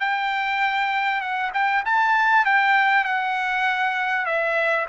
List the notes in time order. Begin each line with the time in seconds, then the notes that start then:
0.00 G5
1.21 F#5
1.54 G5
1.85 A5
2.45 G5
3.05 F#5
4.26 E5